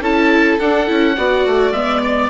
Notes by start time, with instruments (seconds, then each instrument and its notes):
0.00 bassoon C#4, viola E4, violin A4, oboe A5
0.59 bassoon D4, viola D4, oboe F#5
0.86 bassoon C#4, viola E4
1.17 bassoon B3, viola F#4, violin D5
1.46 bassoon A3
1.72 bassoon G#3, viola B3, oboe E5
2.03 oboe D5